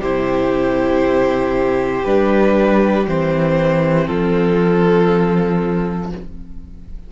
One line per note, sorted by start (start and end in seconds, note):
0.00 2.04 C3
0.00 2.05 E4
0.00 4.07 G4
0.00 2.04 C5
2.04 3.07 G3
2.04 3.06 D4
2.04 3.06 B4
3.06 4.08 E3
3.06 6.11 C4
3.06 4.07 C5
4.07 6.12 F3
4.07 6.11 F4
4.07 6.11 A4